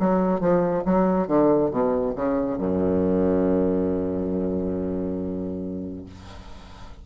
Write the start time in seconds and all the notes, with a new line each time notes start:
0.00 F#3
0.41 F3
0.85 F#3
1.28 D3
1.71 B2
2.16 C#3
2.58 F#2